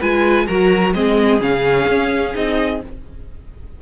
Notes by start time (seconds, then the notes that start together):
0.00 G#3 F4 B4 G#5
0.47 F#3 F#4 A#4 A#5
0.94 G#3 C4 G#4 D#5
1.40 C#3 C#4 F5
1.88 C#4
2.35 C4 D#4 D#5